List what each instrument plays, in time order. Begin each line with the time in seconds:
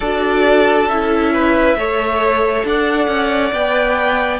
0.00 cello D4, viola F#4, violin A4 D5
0.88 cello C#4, viola E4, violin E5
1.33 violin B4
1.74 cello A3, viola A4, violin C#5
2.64 cello D4, violin D5 F#5
3.07 cello C#4
3.52 cello B3, viola B4, violin G5